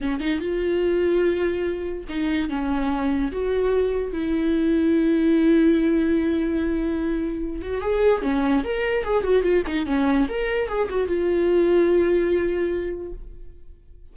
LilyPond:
\new Staff \with { instrumentName = "viola" } { \time 4/4 \tempo 4 = 146 cis'8 dis'8 f'2.~ | f'4 dis'4 cis'2 | fis'2 e'2~ | e'1~ |
e'2~ e'8 fis'8 gis'4 | cis'4 ais'4 gis'8 fis'8 f'8 dis'8 | cis'4 ais'4 gis'8 fis'8 f'4~ | f'1 | }